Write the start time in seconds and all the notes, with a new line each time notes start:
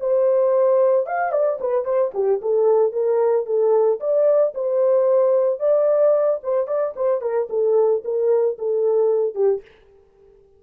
0.00 C5
1.06 F5
1.32 D5
1.60 B4
1.85 C5
2.14 G4
2.42 A4
2.92 A#4
3.46 A4
4.00 D5
4.54 C5
5.60 D5
6.43 C5
6.67 D5
6.96 C5
7.21 A#4
7.50 A4
8.04 A#4
8.58 A4
9.35 G4